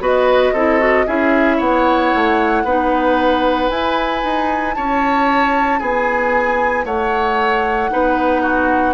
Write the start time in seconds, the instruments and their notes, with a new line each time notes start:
0.00 bassoon B3, clarinet F#4, oboe B4, flute D#5
0.53 bassoon C4, clarinet E4, oboe A4
0.80 clarinet F#4
1.07 bassoon C#4, clarinet E4, oboe G#4, flute E5
1.57 bassoon B3, oboe C#5, flute F#5
2.15 bassoon A3
2.64 bassoon B3, clarinet D#4, oboe B4
3.69 bassoon E4, clarinet E4, flute G#5
4.23 bassoon D#4
4.75 bassoon C#4, oboe C#5, flute A5
5.80 bassoon B3, oboe G#4, flute G#5
6.85 bassoon A3, oboe C#5, flute F#5
7.90 bassoon B3, clarinet D#4, oboe B4
8.42 oboe F#4